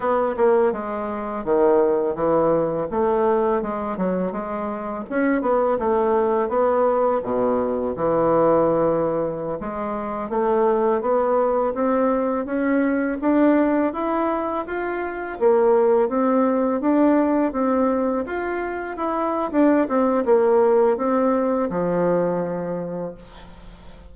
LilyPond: \new Staff \with { instrumentName = "bassoon" } { \time 4/4 \tempo 4 = 83 b8 ais8 gis4 dis4 e4 | a4 gis8 fis8 gis4 cis'8 b8 | a4 b4 b,4 e4~ | e4~ e16 gis4 a4 b8.~ |
b16 c'4 cis'4 d'4 e'8.~ | e'16 f'4 ais4 c'4 d'8.~ | d'16 c'4 f'4 e'8. d'8 c'8 | ais4 c'4 f2 | }